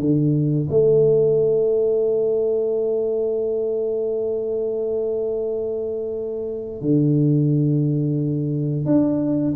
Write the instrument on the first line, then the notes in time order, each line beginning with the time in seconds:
tuba
0.00 D3
0.71 A3
6.82 D3
8.86 D4